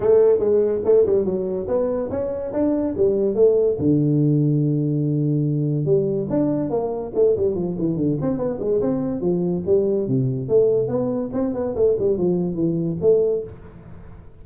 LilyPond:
\new Staff \with { instrumentName = "tuba" } { \time 4/4 \tempo 4 = 143 a4 gis4 a8 g8 fis4 | b4 cis'4 d'4 g4 | a4 d2.~ | d2 g4 d'4 |
ais4 a8 g8 f8 e8 d8 c'8 | b8 gis8 c'4 f4 g4 | c4 a4 b4 c'8 b8 | a8 g8 f4 e4 a4 | }